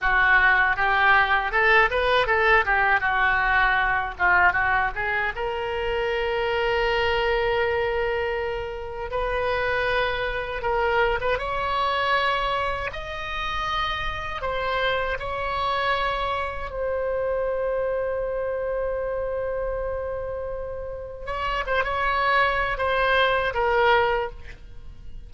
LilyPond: \new Staff \with { instrumentName = "oboe" } { \time 4/4 \tempo 4 = 79 fis'4 g'4 a'8 b'8 a'8 g'8 | fis'4. f'8 fis'8 gis'8 ais'4~ | ais'1 | b'2 ais'8. b'16 cis''4~ |
cis''4 dis''2 c''4 | cis''2 c''2~ | c''1 | cis''8 c''16 cis''4~ cis''16 c''4 ais'4 | }